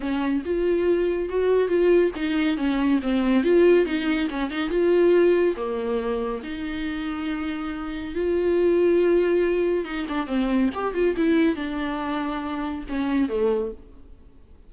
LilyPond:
\new Staff \with { instrumentName = "viola" } { \time 4/4 \tempo 4 = 140 cis'4 f'2 fis'4 | f'4 dis'4 cis'4 c'4 | f'4 dis'4 cis'8 dis'8 f'4~ | f'4 ais2 dis'4~ |
dis'2. f'4~ | f'2. dis'8 d'8 | c'4 g'8 f'8 e'4 d'4~ | d'2 cis'4 a4 | }